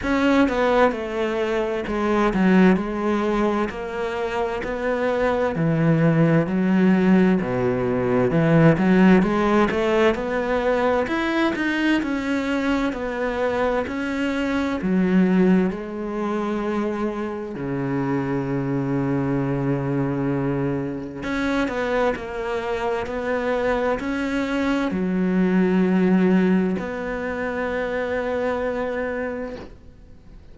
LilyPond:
\new Staff \with { instrumentName = "cello" } { \time 4/4 \tempo 4 = 65 cis'8 b8 a4 gis8 fis8 gis4 | ais4 b4 e4 fis4 | b,4 e8 fis8 gis8 a8 b4 | e'8 dis'8 cis'4 b4 cis'4 |
fis4 gis2 cis4~ | cis2. cis'8 b8 | ais4 b4 cis'4 fis4~ | fis4 b2. | }